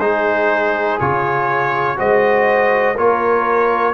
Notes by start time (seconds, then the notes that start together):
0.00 G#3 D#4 G#4 C5
1.00 C#3 F4 C#5
1.97 G#3 F#4 C5 D#5
2.95 A#3 F4 A#4 C#5